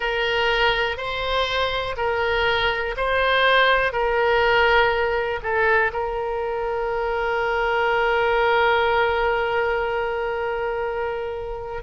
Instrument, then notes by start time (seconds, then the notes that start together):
oboe
0.00 A#4
0.97 C5
1.97 A#4
2.96 C5
3.92 A#4
5.42 A4
5.92 A#4